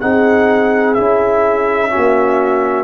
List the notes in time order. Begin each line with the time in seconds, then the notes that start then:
0.00 C4 D#4 G#4 F#5
0.94 C#4 E4 E5
1.89 C#4 F#4
1.96 A#3